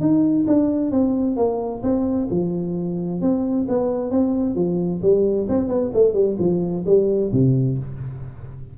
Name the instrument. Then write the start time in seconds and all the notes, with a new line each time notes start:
tuba
0.00 D#4
0.47 D4
0.91 C4
1.36 A#3
1.82 C4
2.30 F3
3.21 C4
3.68 B3
4.10 C4
4.55 F3
5.02 G3
5.48 C4
5.68 B3
5.93 A3
6.13 G3
6.39 F3
6.86 G3
7.32 C3